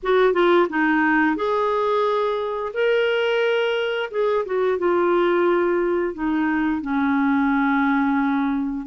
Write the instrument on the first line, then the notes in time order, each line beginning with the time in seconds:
clarinet
0.02 F#4
0.33 F4
0.69 D#4
1.36 G#4
2.73 A#4
4.11 G#4
4.45 F#4
4.78 F4
6.14 D#4
6.82 C#4